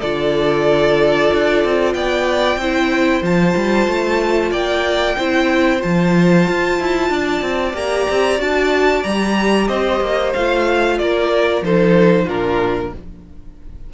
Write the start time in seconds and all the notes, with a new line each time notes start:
0.00 D3 F4 A4 D5
1.33 D4
1.64 C4
1.94 B3 D5 G5
2.56 C4 E4 C5
3.22 F3 F4 A5
3.56 G3
3.87 A3
4.51 A#3 D5 G5
5.17 C4 E4 C5
5.79 F3 F4 A5
6.48 F4
6.80 E4
7.10 D4 D5
7.42 C4
7.73 A#3 G4 A#5
8.10 C4
8.38 D4 F#4 A5
9.03 G3 G4 A#5
9.68 C4 C5 D#5
10.01 A#3
10.33 A3 F4 F5
10.98 A#3 A#4 D5
11.62 F3 D#4 A4 C5
12.25 A#2 D4 F4 A#4